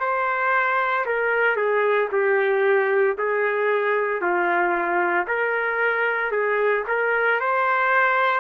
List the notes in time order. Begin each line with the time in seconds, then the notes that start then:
0.00 C5
1.06 A#4
1.56 G#4
2.12 G4
3.18 G#4
4.22 F4
5.27 A#4
6.32 G#4
6.88 A#4
7.40 C5